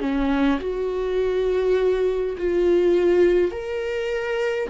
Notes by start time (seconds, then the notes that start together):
0.00 C#4
0.59 F#4
2.37 F4
3.51 A#4